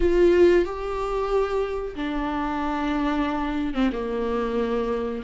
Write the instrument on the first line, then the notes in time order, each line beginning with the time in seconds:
viola
0.00 F4
0.65 G4
1.95 D4
3.74 C4
3.92 A#3